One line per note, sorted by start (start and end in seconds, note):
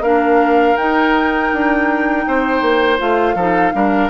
0.00 0.74 A#3
0.00 0.77 D4
0.00 2.25 A#4
0.00 0.76 F5
0.77 2.98 D#4
0.77 1.52 D#4
0.77 2.99 G5
1.52 2.26 D4
2.27 2.61 C4
2.27 3.35 C5
2.61 2.98 A#3
2.98 3.34 A3
2.98 3.35 F4
2.98 4.10 F5
3.34 3.71 F3
3.34 3.73 D#4
3.34 3.72 A4
3.73 4.10 G3
3.73 4.10 D4
3.73 4.10 A#4